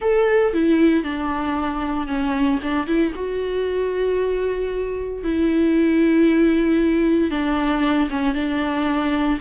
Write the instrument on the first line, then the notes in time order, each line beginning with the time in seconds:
viola
0.01 A4
0.53 E4
1.03 D4
2.07 C#4
2.62 D4
2.86 E4
3.14 F#4
5.23 E4
7.30 D4
8.10 C#4
8.34 D4